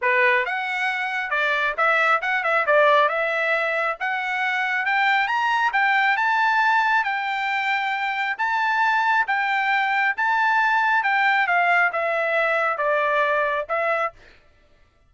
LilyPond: \new Staff \with { instrumentName = "trumpet" } { \time 4/4 \tempo 4 = 136 b'4 fis''2 d''4 | e''4 fis''8 e''8 d''4 e''4~ | e''4 fis''2 g''4 | ais''4 g''4 a''2 |
g''2. a''4~ | a''4 g''2 a''4~ | a''4 g''4 f''4 e''4~ | e''4 d''2 e''4 | }